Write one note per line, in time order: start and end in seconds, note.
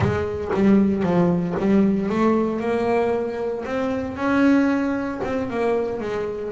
0.00 0.51 G#3
0.54 1.02 G3
1.02 1.54 F3
1.59 2.09 G3
2.09 2.59 A3
2.59 3.64 A#3
3.65 4.16 C4
4.16 5.20 C#4
5.24 5.50 C4
5.50 6.00 A#3
6.00 6.51 G#3